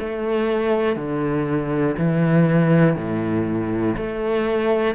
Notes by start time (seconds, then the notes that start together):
0.00 A3
0.97 D3
1.98 E3
2.96 A2
3.97 A3